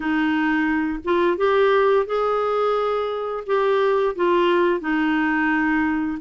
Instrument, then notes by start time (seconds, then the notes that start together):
clarinet
0.00 D#4
1.04 F4
1.37 G4
2.06 G#4
3.46 G4
4.15 F4
4.80 D#4